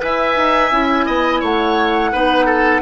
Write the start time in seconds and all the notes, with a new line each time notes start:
0.00 E4 B4 E5 G#5
0.36 D#4
0.72 C#4 E4
1.06 B3 D#5
1.41 A3 C#5 F#5
2.13 B3 D#4 B4
2.46 A4